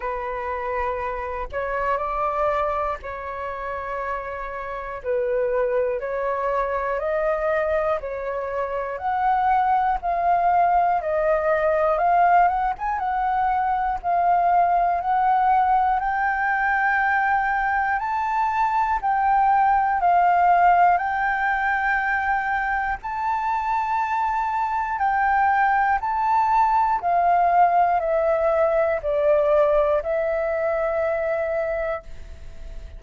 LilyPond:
\new Staff \with { instrumentName = "flute" } { \time 4/4 \tempo 4 = 60 b'4. cis''8 d''4 cis''4~ | cis''4 b'4 cis''4 dis''4 | cis''4 fis''4 f''4 dis''4 | f''8 fis''16 gis''16 fis''4 f''4 fis''4 |
g''2 a''4 g''4 | f''4 g''2 a''4~ | a''4 g''4 a''4 f''4 | e''4 d''4 e''2 | }